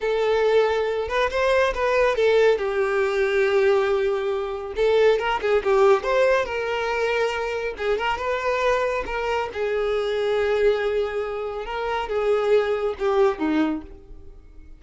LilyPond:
\new Staff \with { instrumentName = "violin" } { \time 4/4 \tempo 4 = 139 a'2~ a'8 b'8 c''4 | b'4 a'4 g'2~ | g'2. a'4 | ais'8 gis'8 g'4 c''4 ais'4~ |
ais'2 gis'8 ais'8 b'4~ | b'4 ais'4 gis'2~ | gis'2. ais'4 | gis'2 g'4 dis'4 | }